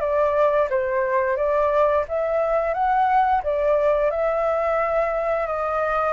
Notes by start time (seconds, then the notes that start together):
0.00 D5
0.70 C5
1.36 D5
2.08 E5
2.74 F#5
3.43 D5
4.10 E5
5.47 D#5